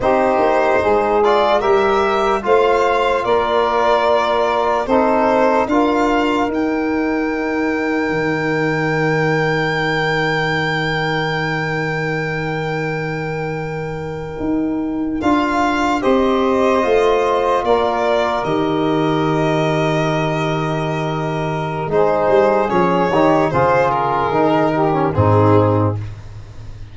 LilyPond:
<<
  \new Staff \with { instrumentName = "violin" } { \time 4/4 \tempo 4 = 74 c''4. d''8 e''4 f''4 | d''2 c''4 f''4 | g''1~ | g''1~ |
g''2~ g''8. f''4 dis''16~ | dis''4.~ dis''16 d''4 dis''4~ dis''16~ | dis''2. c''4 | cis''4 c''8 ais'4. gis'4 | }
  \new Staff \with { instrumentName = "saxophone" } { \time 4/4 g'4 gis'4 ais'4 c''4 | ais'2 a'4 ais'4~ | ais'1~ | ais'1~ |
ais'2.~ ais'8. c''16~ | c''4.~ c''16 ais'2~ ais'16~ | ais'2. gis'4~ | gis'8 g'8 gis'4. g'8 dis'4 | }
  \new Staff \with { instrumentName = "trombone" } { \time 4/4 dis'4. f'8 g'4 f'4~ | f'2 dis'4 f'4 | dis'1~ | dis'1~ |
dis'2~ dis'8. f'4 g'16~ | g'8. f'2 g'4~ g'16~ | g'2. dis'4 | cis'8 dis'8 f'4 dis'8. cis'16 c'4 | }
  \new Staff \with { instrumentName = "tuba" } { \time 4/4 c'8 ais8 gis4 g4 a4 | ais2 c'4 d'4 | dis'2 dis2~ | dis1~ |
dis4.~ dis16 dis'4 d'4 c'16~ | c'8. a4 ais4 dis4~ dis16~ | dis2. gis8 g8 | f8 dis8 cis4 dis4 gis,4 | }
>>